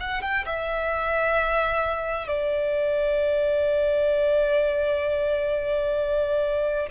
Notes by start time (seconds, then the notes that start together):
0.00 F#5
0.21 G5
0.45 E5
2.27 D5